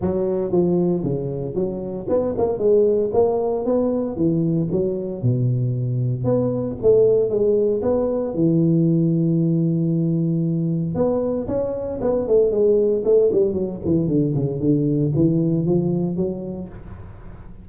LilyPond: \new Staff \with { instrumentName = "tuba" } { \time 4/4 \tempo 4 = 115 fis4 f4 cis4 fis4 | b8 ais8 gis4 ais4 b4 | e4 fis4 b,2 | b4 a4 gis4 b4 |
e1~ | e4 b4 cis'4 b8 a8 | gis4 a8 g8 fis8 e8 d8 cis8 | d4 e4 f4 fis4 | }